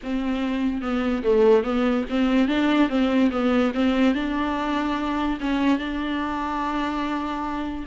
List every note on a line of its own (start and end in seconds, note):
0.03 0.81 C4
0.81 1.22 B3
1.23 1.63 A3
1.63 2.04 B3
2.09 2.48 C4
2.48 2.89 D4
2.89 3.30 C4
3.31 3.72 B3
3.74 4.14 C4
4.14 5.38 D4
5.40 5.78 C#4
5.78 7.85 D4